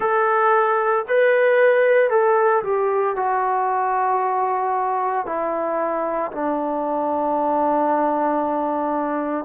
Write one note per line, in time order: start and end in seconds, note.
0.00 1.05 A4
1.08 2.10 B4
2.10 2.62 A4
2.63 3.16 G4
3.16 5.26 F#4
5.26 6.31 E4
6.31 9.44 D4